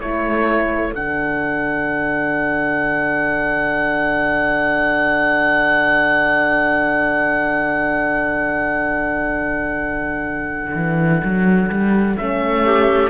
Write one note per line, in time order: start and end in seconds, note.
0.00 0.92 A3
0.00 0.95 E4
0.00 12.65 A4
0.00 0.95 C#5
0.92 10.76 D3
0.92 12.18 D4
0.92 12.18 F#5
10.76 11.22 E3
11.25 11.70 F#3
11.70 12.17 G3
12.18 13.11 A3
12.18 13.11 C#4
12.18 13.11 E5
12.65 13.11 G4